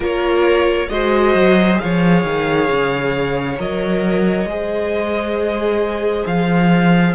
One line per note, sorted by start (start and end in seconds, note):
0.00 0.89 A#3
0.00 0.88 F4
0.00 0.88 A#4
0.00 0.89 C#5
0.89 1.34 G#3
0.89 1.74 F#4
0.89 1.82 C5
0.89 1.79 D#5
1.34 1.79 F#3
1.74 3.54 G#4
1.74 3.58 F5
1.82 2.24 F3
1.82 4.51 C#5
2.24 2.68 D#3
2.71 3.59 C#3
3.57 4.45 F#3
3.57 4.46 A#4
3.57 6.26 D#5
4.45 6.24 G#3
4.45 7.14 G#4
4.51 7.14 C5
6.26 7.14 F3
6.26 7.14 F5